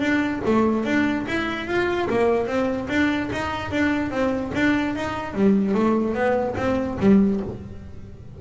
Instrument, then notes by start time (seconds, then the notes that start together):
double bass
0.00 D4
0.46 A3
0.85 D4
1.28 E4
1.67 F4
2.10 A#3
2.47 C4
2.89 D4
3.32 D#4
3.71 D4
4.11 C4
4.55 D4
4.96 D#4
5.34 G3
5.75 A3
6.14 B3
6.57 C4
7.00 G3